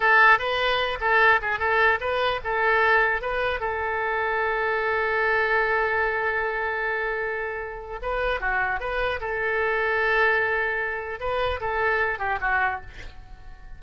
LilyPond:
\new Staff \with { instrumentName = "oboe" } { \time 4/4 \tempo 4 = 150 a'4 b'4. a'4 gis'8 | a'4 b'4 a'2 | b'4 a'2.~ | a'1~ |
a'1 | b'4 fis'4 b'4 a'4~ | a'1 | b'4 a'4. g'8 fis'4 | }